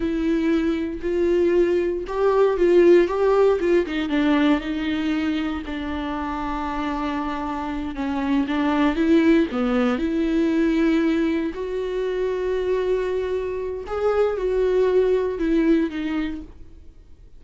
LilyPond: \new Staff \with { instrumentName = "viola" } { \time 4/4 \tempo 4 = 117 e'2 f'2 | g'4 f'4 g'4 f'8 dis'8 | d'4 dis'2 d'4~ | d'2.~ d'8 cis'8~ |
cis'8 d'4 e'4 b4 e'8~ | e'2~ e'8 fis'4.~ | fis'2. gis'4 | fis'2 e'4 dis'4 | }